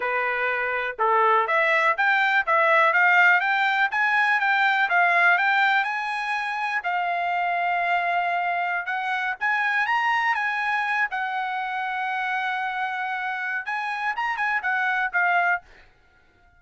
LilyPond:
\new Staff \with { instrumentName = "trumpet" } { \time 4/4 \tempo 4 = 123 b'2 a'4 e''4 | g''4 e''4 f''4 g''4 | gis''4 g''4 f''4 g''4 | gis''2 f''2~ |
f''2~ f''16 fis''4 gis''8.~ | gis''16 ais''4 gis''4. fis''4~ fis''16~ | fis''1 | gis''4 ais''8 gis''8 fis''4 f''4 | }